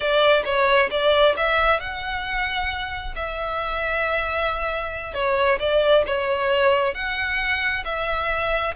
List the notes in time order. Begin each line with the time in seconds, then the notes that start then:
0.00 D5
0.44 C#5
0.90 D5
1.36 E5
1.80 F#5
3.15 E5
5.14 C#5
5.59 D5
6.06 C#5
6.94 F#5
7.85 E5